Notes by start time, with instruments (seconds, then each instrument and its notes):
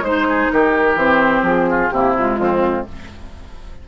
0.00 bassoon G#3, clarinet D#4, oboe C5, flute C5
0.28 oboe G#4
0.51 bassoon D#3, oboe G4, flute A#4
0.95 bassoon E3, clarinet C4, flute C5
1.42 bassoon F3, flute G#4
1.70 oboe F4
1.91 bassoon C3, clarinet A#3, oboe E4, flute G4
2.17 clarinet G#3, flute F4
2.39 bassoon F2, oboe C4